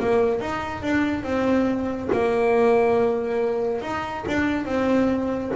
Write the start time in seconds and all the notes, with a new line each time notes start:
0.00 A#3
0.41 D#4
0.83 D4
1.24 C4
2.13 A#3
3.82 D#4
4.28 D4
4.66 C4